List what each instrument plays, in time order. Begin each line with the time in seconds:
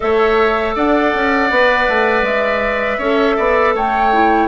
0.00 bassoon A3, clarinet A4, oboe C#5, flute E5
0.75 bassoon D4, oboe D5, flute F#5
1.14 bassoon C#4
1.50 bassoon B3, clarinet B4
1.88 bassoon A3
2.22 bassoon G#3, flute E5
2.98 bassoon C#4, clarinet A4, oboe C#5
3.37 bassoon B3, oboe D5
3.74 bassoon A3, oboe C#5, flute G5
4.13 clarinet E4